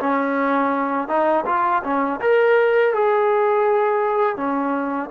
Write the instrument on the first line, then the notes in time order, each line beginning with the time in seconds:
trombone
0.00 C#4
1.08 D#4
1.46 F4
1.84 C#4
2.21 A#4
2.94 G#4
4.37 C#4